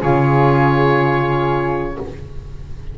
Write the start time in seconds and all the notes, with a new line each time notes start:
0.00 C#3 F4 G#4 C#5